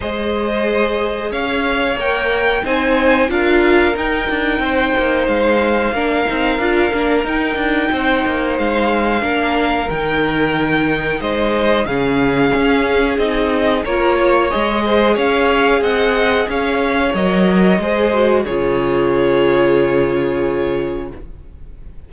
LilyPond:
<<
  \new Staff \with { instrumentName = "violin" } { \time 4/4 \tempo 4 = 91 dis''2 f''4 g''4 | gis''4 f''4 g''2 | f''2. g''4~ | g''4 f''2 g''4~ |
g''4 dis''4 f''2 | dis''4 cis''4 dis''4 f''4 | fis''4 f''4 dis''2 | cis''1 | }
  \new Staff \with { instrumentName = "violin" } { \time 4/4 c''2 cis''2 | c''4 ais'2 c''4~ | c''4 ais'2. | c''2 ais'2~ |
ais'4 c''4 gis'2~ | gis'4 ais'8 cis''4 c''8 cis''4 | dis''4 cis''2 c''4 | gis'1 | }
  \new Staff \with { instrumentName = "viola" } { \time 4/4 gis'2. ais'4 | dis'4 f'4 dis'2~ | dis'4 d'8 dis'8 f'8 d'8 dis'4~ | dis'2 d'4 dis'4~ |
dis'2 cis'2 | dis'4 f'4 gis'2~ | gis'2 ais'4 gis'8 fis'8 | f'1 | }
  \new Staff \with { instrumentName = "cello" } { \time 4/4 gis2 cis'4 ais4 | c'4 d'4 dis'8 d'8 c'8 ais8 | gis4 ais8 c'8 d'8 ais8 dis'8 d'8 | c'8 ais8 gis4 ais4 dis4~ |
dis4 gis4 cis4 cis'4 | c'4 ais4 gis4 cis'4 | c'4 cis'4 fis4 gis4 | cis1 | }
>>